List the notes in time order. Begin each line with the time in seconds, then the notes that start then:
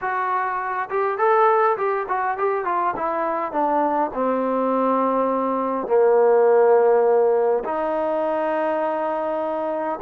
0.01 F#4
0.89 G4
1.17 A4
1.77 G4
2.08 F#4
2.37 G4
2.64 F4
2.96 E4
3.51 D4
4.13 C4
5.87 A#3
7.64 D#4